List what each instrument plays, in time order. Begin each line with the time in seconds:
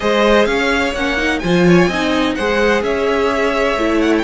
0.00 cello G#3, viola G#4, violin C5 D#5
0.45 cello C#4, violin C#5 F5
0.94 cello A#3, viola C#4, violin F#5
1.17 viola D#4
1.39 cello F3, viola F4, violin C5 G#5
1.66 violin C#5
1.87 cello C4, viola D#4, violin D#5
2.35 cello G#3, viola G#4, violin C5 F#5
2.82 cello C#4, violin C#5 E5
3.76 cello A3, viola E4
4.01 violin F#5
4.17 violin G5